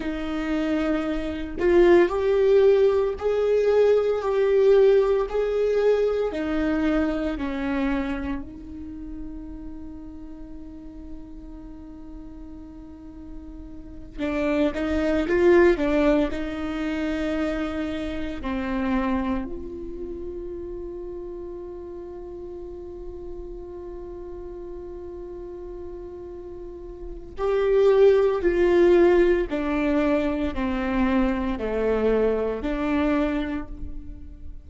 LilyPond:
\new Staff \with { instrumentName = "viola" } { \time 4/4 \tempo 4 = 57 dis'4. f'8 g'4 gis'4 | g'4 gis'4 dis'4 cis'4 | dis'1~ | dis'4. d'8 dis'8 f'8 d'8 dis'8~ |
dis'4. c'4 f'4.~ | f'1~ | f'2 g'4 f'4 | d'4 c'4 a4 d'4 | }